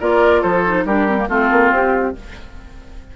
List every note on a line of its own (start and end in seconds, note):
0.00 0.43 A#3
0.00 0.65 F4
0.00 0.41 A#4
0.00 0.42 D5
0.41 0.85 F3
0.41 0.84 A4
0.41 0.85 C5
0.66 0.87 D#4
0.85 1.28 G3
0.85 1.08 D4
0.85 1.28 G4
0.85 1.29 A#4
1.08 1.18 C4
1.18 1.28 A#3
1.28 1.50 A3
1.28 2.16 C4
1.28 2.14 F4
1.28 1.73 A4
1.51 1.71 A#3
1.71 2.14 C4
1.71 2.16 G4